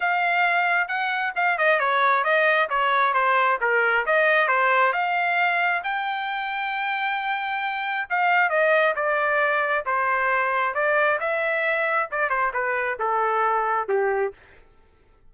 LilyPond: \new Staff \with { instrumentName = "trumpet" } { \time 4/4 \tempo 4 = 134 f''2 fis''4 f''8 dis''8 | cis''4 dis''4 cis''4 c''4 | ais'4 dis''4 c''4 f''4~ | f''4 g''2.~ |
g''2 f''4 dis''4 | d''2 c''2 | d''4 e''2 d''8 c''8 | b'4 a'2 g'4 | }